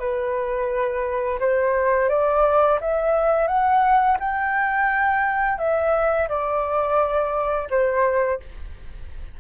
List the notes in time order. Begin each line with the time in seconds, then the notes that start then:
0.00 B4
1.40 C5
2.10 D5
2.81 E5
3.48 F#5
4.20 G5
5.59 E5
6.29 D5
7.71 C5